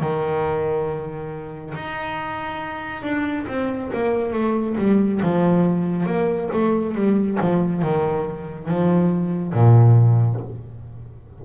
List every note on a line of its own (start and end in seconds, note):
0.00 1.74 D#3
1.74 3.02 D#4
3.02 3.45 D4
3.47 3.91 C4
3.93 4.32 A#3
4.32 4.76 A3
4.77 5.21 G3
5.22 6.06 F3
6.06 6.49 A#3
6.53 6.94 A3
6.94 7.38 G3
7.41 7.82 F3
7.82 8.68 D#3
8.68 9.53 F3
9.53 10.40 A#2